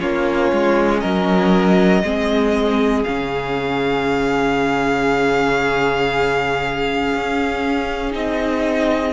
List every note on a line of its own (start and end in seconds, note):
0.00 0.52 A#3
0.00 2.03 C#4
0.00 1.01 F4
0.00 1.00 C#5
0.53 1.03 G#3
1.00 2.04 F#3
1.00 2.03 A#4
1.00 3.04 D#5
2.04 3.05 G#3
2.04 3.06 C4
2.04 9.14 G#4
3.04 7.15 C#3
3.04 8.12 C#4
3.04 8.12 F5
7.15 8.15 C#4
8.12 9.14 C4
8.12 9.13 D#4
8.12 9.14 D#5